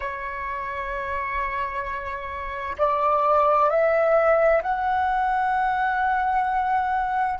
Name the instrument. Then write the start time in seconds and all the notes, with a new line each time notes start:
flute
0.00 C#5
2.78 D5
3.69 E5
4.62 F#5